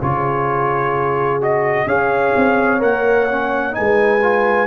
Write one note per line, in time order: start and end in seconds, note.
0.00 1.86 C#3
0.00 1.40 F4
0.00 1.86 G#4
0.00 1.42 C#5
1.40 1.87 F#4
1.40 1.88 D#5
1.86 2.33 C#4
1.86 2.79 G#4
1.86 3.74 C#5
1.86 2.81 F5
2.36 2.82 C4
2.79 3.76 A#3
2.79 3.26 A#4
2.79 3.74 F#5
3.29 3.71 C#4
3.71 4.18 D#4
3.71 4.67 B4
3.71 4.67 G#5
3.79 4.67 G#3
4.22 4.67 F4